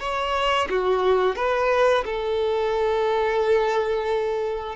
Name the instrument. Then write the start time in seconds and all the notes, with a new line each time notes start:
violin
0.00 C#5
0.70 F#4
1.36 B4
2.05 A4